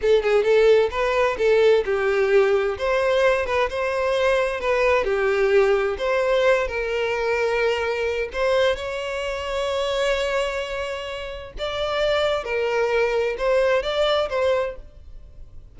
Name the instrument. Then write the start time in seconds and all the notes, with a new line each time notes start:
violin
0.01 A4
0.23 G#4
0.43 A4
0.90 B4
1.38 A4
1.85 G4
2.78 C5
3.46 B4
3.69 C5
4.60 B4
5.04 G4
5.98 C5
6.67 A#4
8.33 C5
8.76 C#5
11.58 D5
12.44 A#4
13.37 C5
13.82 D5
14.29 C5